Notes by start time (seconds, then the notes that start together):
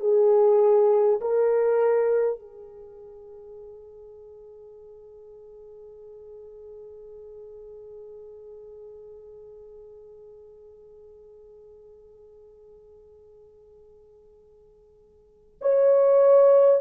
0.00 G#4
1.21 A#4
2.39 G#4
15.62 C#5